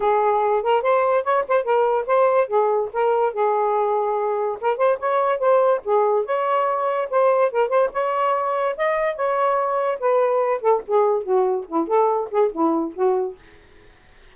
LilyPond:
\new Staff \with { instrumentName = "saxophone" } { \time 4/4 \tempo 4 = 144 gis'4. ais'8 c''4 cis''8 c''8 | ais'4 c''4 gis'4 ais'4 | gis'2. ais'8 c''8 | cis''4 c''4 gis'4 cis''4~ |
cis''4 c''4 ais'8 c''8 cis''4~ | cis''4 dis''4 cis''2 | b'4. a'8 gis'4 fis'4 | e'8 a'4 gis'8 e'4 fis'4 | }